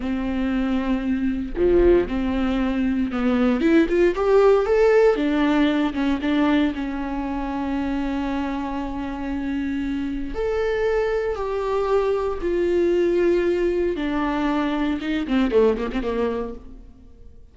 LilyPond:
\new Staff \with { instrumentName = "viola" } { \time 4/4 \tempo 4 = 116 c'2. f4 | c'2 b4 e'8 f'8 | g'4 a'4 d'4. cis'8 | d'4 cis'2.~ |
cis'1 | a'2 g'2 | f'2. d'4~ | d'4 dis'8 c'8 a8 ais16 c'16 ais4 | }